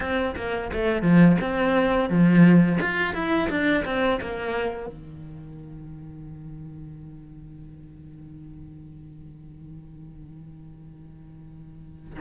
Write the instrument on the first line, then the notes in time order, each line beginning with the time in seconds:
cello
0.00 C4
0.36 A#3
0.72 A3
1.02 F3
1.40 C4
2.09 F3
2.80 F4
3.14 E4
3.49 D4
3.85 C4
4.21 A#3
4.86 D#3